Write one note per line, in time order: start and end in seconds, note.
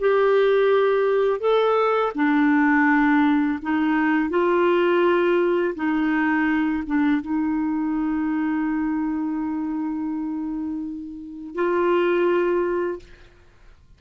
0.00 1.40 G4
1.40 2.13 A4
2.15 3.59 D4
3.62 4.30 D#4
4.30 5.75 F4
5.75 6.84 D#4
6.87 7.22 D4
7.22 11.55 D#4
11.55 13.00 F4